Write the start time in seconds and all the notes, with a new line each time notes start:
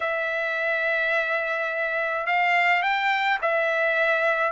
0.00 E5
2.26 F5
2.82 G5
3.41 E5